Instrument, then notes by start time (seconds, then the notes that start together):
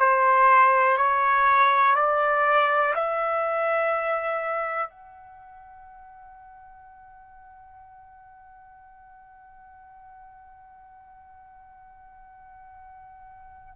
trumpet
0.00 C5
0.98 C#5
1.96 D5
2.96 E5
4.91 F#5